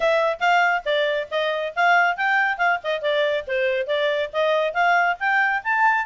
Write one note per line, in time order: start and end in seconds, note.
0.00 0.39 E5
0.40 0.83 F5
0.85 1.28 D5
1.30 1.73 D#5
1.75 2.16 F5
2.16 2.57 G5
2.57 2.79 F5
2.83 3.01 D#5
3.01 3.45 D5
3.47 3.86 C5
3.86 4.29 D5
4.33 4.73 D#5
4.73 5.16 F5
5.19 5.62 G5
5.63 6.06 A5